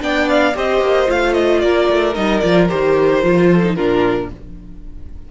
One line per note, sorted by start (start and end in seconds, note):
0.00 0.55 B3
0.00 0.54 D4
0.00 0.55 D5
0.00 0.29 G5
0.29 0.56 F5
0.54 0.81 C4
0.54 1.06 G4
0.54 1.62 C5
0.54 1.10 D#5
0.81 1.07 A#3
1.06 1.62 A3
1.06 2.13 F4
1.06 1.33 F5
1.33 1.60 D#5
1.60 1.89 A#3
1.60 3.50 A#4
1.60 2.13 D5
1.89 2.16 A3
2.14 2.43 G3
2.14 2.41 D#4
2.14 2.39 D#5
2.39 2.70 F3
2.39 2.68 F4
2.39 2.66 D5
2.68 3.23 D#3
2.68 3.22 G4
2.68 3.75 C5
3.22 3.76 F3
3.22 3.62 F4
3.50 3.76 A4
3.63 3.76 D#4
3.75 4.31 A#2
3.75 4.30 D4
3.75 4.30 F4
3.75 4.29 A#4